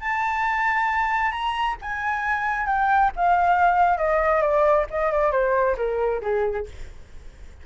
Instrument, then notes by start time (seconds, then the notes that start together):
flute
0.00 A5
1.32 A#5
1.82 G#5
2.67 G5
3.16 F5
3.98 D#5
4.41 D5
4.90 D#5
5.12 D5
5.32 C5
5.77 A#4
6.22 G#4